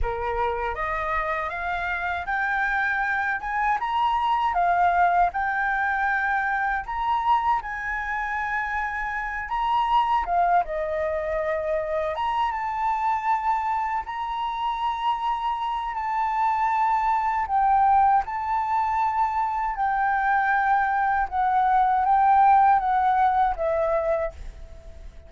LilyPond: \new Staff \with { instrumentName = "flute" } { \time 4/4 \tempo 4 = 79 ais'4 dis''4 f''4 g''4~ | g''8 gis''8 ais''4 f''4 g''4~ | g''4 ais''4 gis''2~ | gis''8 ais''4 f''8 dis''2 |
ais''8 a''2 ais''4.~ | ais''4 a''2 g''4 | a''2 g''2 | fis''4 g''4 fis''4 e''4 | }